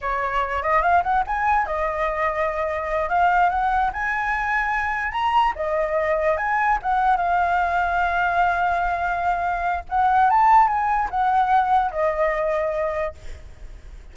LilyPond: \new Staff \with { instrumentName = "flute" } { \time 4/4 \tempo 4 = 146 cis''4. dis''8 f''8 fis''8 gis''4 | dis''2.~ dis''8 f''8~ | f''8 fis''4 gis''2~ gis''8~ | gis''8 ais''4 dis''2 gis''8~ |
gis''8 fis''4 f''2~ f''8~ | f''1 | fis''4 a''4 gis''4 fis''4~ | fis''4 dis''2. | }